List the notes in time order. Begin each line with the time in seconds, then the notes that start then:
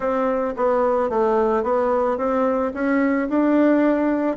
0.00 C4
0.56 B3
1.09 A3
1.63 B3
2.17 C4
2.74 C#4
3.29 D4